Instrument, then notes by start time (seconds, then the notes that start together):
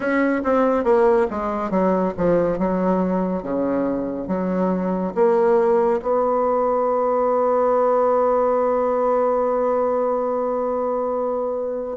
bassoon
0.00 C#4
0.44 C4
0.84 A#3
1.30 G#3
1.70 F#3
2.17 F3
2.58 F#3
3.42 C#3
4.27 F#3
5.14 A#3
6.02 B3